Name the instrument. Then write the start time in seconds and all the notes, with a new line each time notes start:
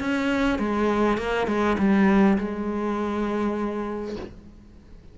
cello
0.00 C#4
0.59 G#3
1.18 A#3
1.47 G#3
1.79 G3
2.38 G#3